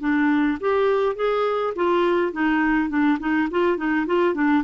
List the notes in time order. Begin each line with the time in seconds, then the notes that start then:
0.00 D4
0.60 G4
1.16 G#4
1.76 F4
2.32 D#4
2.89 D4
3.20 D#4
3.51 F4
3.77 D#4
4.06 F4
4.35 D4